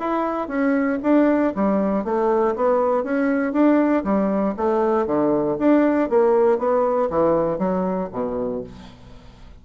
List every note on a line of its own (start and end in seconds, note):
0.00 0.48 E4
0.48 0.99 C#4
1.03 1.54 D4
1.56 2.05 G3
2.05 2.56 A3
2.56 3.04 B3
3.04 3.53 C#4
3.53 4.04 D4
4.04 4.55 G3
4.57 5.07 A3
5.07 5.58 D3
5.59 6.10 D4
6.10 6.59 A#3
6.59 7.10 B3
7.10 7.59 E3
7.59 8.10 F#3
8.13 8.64 B2